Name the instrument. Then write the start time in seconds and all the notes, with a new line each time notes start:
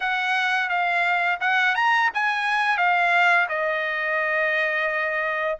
trumpet
0.00 F#5
0.69 F5
1.40 F#5
1.75 A#5
2.13 G#5
2.77 F5
3.49 D#5